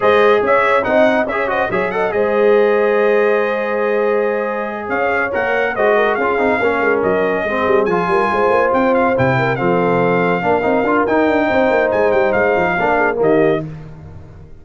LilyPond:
<<
  \new Staff \with { instrumentName = "trumpet" } { \time 4/4 \tempo 4 = 141 dis''4 e''4 fis''4 e''8 dis''8 | e''8 fis''8 dis''2.~ | dis''2.~ dis''8 f''8~ | f''8 fis''4 dis''4 f''4.~ |
f''8 dis''2 gis''4.~ | gis''8 g''8 f''8 g''4 f''4.~ | f''2 g''2 | gis''8 g''8 f''2 dis''4 | }
  \new Staff \with { instrumentName = "horn" } { \time 4/4 c''4 cis''4 dis''4 cis''8 c''8 | cis''8 dis''8 c''2.~ | c''2.~ c''8 cis''8~ | cis''4. c''8 ais'8 gis'4 ais'8~ |
ais'4. gis'4. ais'8 c''8~ | c''2 ais'8 a'4.~ | a'8 ais'2~ ais'8 c''4~ | c''2 ais'8 gis'8 g'4 | }
  \new Staff \with { instrumentName = "trombone" } { \time 4/4 gis'2 dis'4 gis'8 fis'8 | gis'8 a'8 gis'2.~ | gis'1~ | gis'8 ais'4 fis'4 f'8 dis'8 cis'8~ |
cis'4. c'4 f'4.~ | f'4. e'4 c'4.~ | c'8 d'8 dis'8 f'8 dis'2~ | dis'2 d'4 ais4 | }
  \new Staff \with { instrumentName = "tuba" } { \time 4/4 gis4 cis'4 c'4 cis'4 | fis4 gis2.~ | gis2.~ gis8 cis'8~ | cis'8 ais4 gis4 cis'8 c'8 ais8 |
gis8 fis4 gis8 g8 f8 g8 gis8 | ais8 c'4 c4 f4.~ | f8 ais8 c'8 d'8 dis'8 d'8 c'8 ais8 | gis8 g8 gis8 f8 ais4 dis4 | }
>>